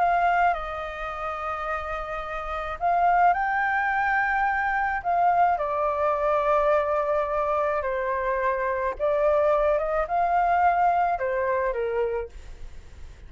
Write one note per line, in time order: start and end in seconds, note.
0.00 0.54 F5
0.54 2.79 D#5
2.80 3.34 F5
3.34 5.02 G5
5.03 5.58 F5
5.58 7.82 D5
7.82 8.94 C5
8.99 9.79 D5
9.79 10.07 D#5
10.08 11.19 F5
11.19 11.73 C5
11.73 12.29 A#4